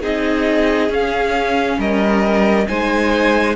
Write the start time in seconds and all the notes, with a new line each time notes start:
0.00 C4 D#4 G#4 D#5
0.89 C#4 F5
1.78 G3 A#4 D#5
2.67 G#3 D#4 C5 G#5